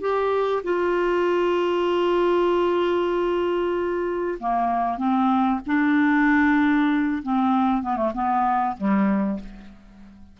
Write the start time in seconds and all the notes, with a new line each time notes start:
0.00 G4
0.63 F4
4.39 A#3
4.97 C4
5.66 D4
7.22 C4
7.82 B3
7.96 A3
8.14 B3
8.77 G3